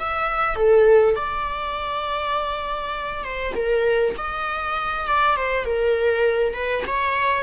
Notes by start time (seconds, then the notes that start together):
0.00 E5
0.56 A4
1.16 D5
3.25 C5
3.55 A#4
4.18 D#5
5.07 D5
5.37 C5
5.65 A#4
6.54 B4
6.87 C#5